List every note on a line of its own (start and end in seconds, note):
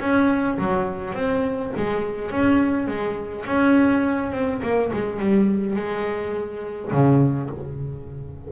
0.00 0.58 C#4
0.58 1.14 F#3
1.14 1.72 C4
1.76 2.31 G#3
2.31 2.87 C#4
2.87 3.45 G#3
3.46 4.32 C#4
4.32 4.61 C4
4.62 4.91 A#3
4.92 5.19 G#3
5.19 5.76 G3
5.76 6.91 G#3
6.92 7.49 C#3